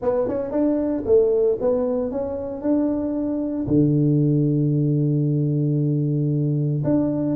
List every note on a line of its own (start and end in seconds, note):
0.02 0.28 B3
0.28 0.51 C#4
0.51 1.04 D4
1.05 1.58 A3
1.60 2.11 B3
2.11 2.61 C#4
2.61 3.66 D4
3.67 6.83 D3
6.84 7.36 D4